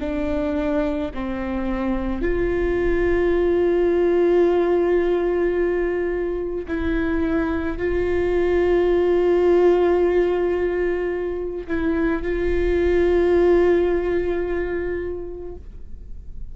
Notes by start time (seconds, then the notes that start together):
0.00 D4
1.14 C4
2.22 F4
6.68 E4
7.78 F4
11.67 E4
12.23 F4